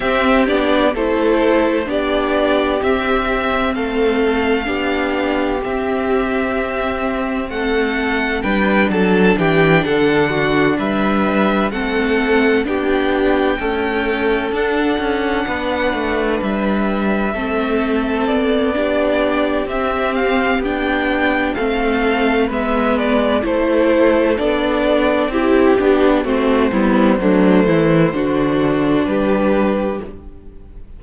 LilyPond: <<
  \new Staff \with { instrumentName = "violin" } { \time 4/4 \tempo 4 = 64 e''8 d''8 c''4 d''4 e''4 | f''2 e''2 | fis''4 g''8 a''8 g''8 fis''4 e''8~ | e''8 fis''4 g''2 fis''8~ |
fis''4. e''2 d''8~ | d''4 e''8 f''8 g''4 f''4 | e''8 d''8 c''4 d''4 g'4 | c''2. b'4 | }
  \new Staff \with { instrumentName = "violin" } { \time 4/4 g'4 a'4 g'2 | a'4 g'2. | a'4 b'8 a'8 g'8 a'8 fis'8 b'8~ | b'8 a'4 g'4 a'4.~ |
a'8 b'2 a'4. | g'2. a'4 | b'4 a'2 g'4 | fis'8 e'8 d'8 e'8 fis'4 g'4 | }
  \new Staff \with { instrumentName = "viola" } { \time 4/4 c'8 d'8 e'4 d'4 c'4~ | c'4 d'4 c'2~ | c'4 d'2.~ | d'8 c'4 d'4 a4 d'8~ |
d'2~ d'8 c'4. | d'4 c'4 d'4 c'4 | b4 e'4 d'4 e'8 d'8 | c'8 b8 a4 d'2 | }
  \new Staff \with { instrumentName = "cello" } { \time 4/4 c'8 b8 a4 b4 c'4 | a4 b4 c'2 | a4 g8 fis8 e8 d4 g8~ | g8 a4 b4 cis'4 d'8 |
cis'8 b8 a8 g4 a4 b8~ | b4 c'4 b4 a4 | gis4 a4 b4 c'8 b8 | a8 g8 fis8 e8 d4 g4 | }
>>